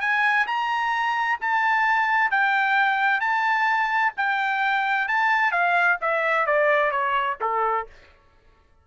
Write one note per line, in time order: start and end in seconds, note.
0.00 0.46 G#5
0.47 1.39 A#5
1.41 2.31 A5
2.31 3.20 G5
3.20 4.12 A5
4.17 5.08 G5
5.08 5.51 A5
5.51 5.97 F5
6.01 6.46 E5
6.46 6.91 D5
6.91 7.37 C#5
7.40 7.87 A4